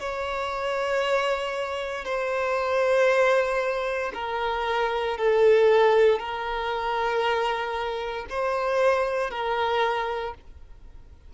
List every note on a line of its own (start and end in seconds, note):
0.00 2.05 C#5
2.05 4.12 C5
4.14 5.18 A#4
5.18 6.19 A4
6.19 8.26 A#4
8.30 9.31 C5
9.31 10.34 A#4